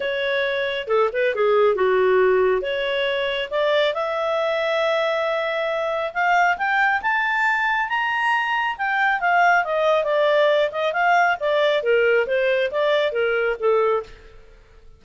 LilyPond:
\new Staff \with { instrumentName = "clarinet" } { \time 4/4 \tempo 4 = 137 cis''2 a'8 b'8 gis'4 | fis'2 cis''2 | d''4 e''2.~ | e''2 f''4 g''4 |
a''2 ais''2 | g''4 f''4 dis''4 d''4~ | d''8 dis''8 f''4 d''4 ais'4 | c''4 d''4 ais'4 a'4 | }